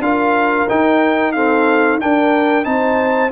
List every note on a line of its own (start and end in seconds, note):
0.00 0.66 D4
0.00 0.68 F4
0.00 1.35 A#4
0.00 0.68 F5
0.69 1.35 D#4
0.69 2.01 D#4
0.69 1.32 G5
1.32 2.00 C4
1.32 2.01 A4
1.32 1.98 F5
2.00 2.64 D4
2.00 2.66 D4
2.00 2.67 A#4
2.00 2.65 G5
2.64 3.32 C4
2.64 3.30 D#4
2.64 3.32 C5
2.64 3.30 A5